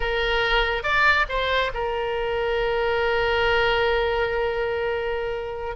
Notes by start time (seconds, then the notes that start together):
0.00 A#4
0.83 D5
1.29 C5
1.74 A#4